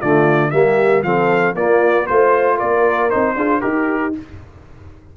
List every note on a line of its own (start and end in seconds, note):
0.00 0.53 D3
0.00 0.52 A3
0.00 0.52 F4
0.00 0.51 D5
0.51 1.03 G3
0.51 1.04 A#3
0.51 1.05 G4
0.51 1.02 E5
1.03 1.55 F3
1.03 1.56 C4
1.03 1.56 A4
1.03 1.55 F5
1.55 2.07 A#3
1.55 2.09 A#3
1.55 2.07 F4
1.55 2.07 D5
2.07 2.62 A3
2.07 3.10 F4
2.07 2.57 C5
2.07 2.59 C5
2.57 3.14 A#3
2.57 3.35 A#4
2.57 3.10 D5
3.10 3.35 C4
3.10 3.36 D#4
3.10 3.61 C5
3.35 3.61 D4
3.35 3.61 F4
3.35 3.62 G#4
3.61 4.15 D#4
3.61 4.13 G4
3.61 4.17 G4
3.61 4.13 A#4